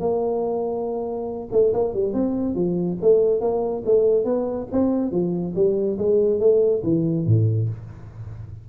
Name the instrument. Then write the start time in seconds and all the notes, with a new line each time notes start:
tuba
0.00 A#3
1.52 A3
1.74 A#3
1.94 G3
2.14 C4
2.55 F3
3.02 A3
3.41 A#3
3.86 A3
4.25 B3
4.72 C4
5.12 F3
5.56 G3
5.98 G#3
6.40 A3
6.84 E3
7.26 A2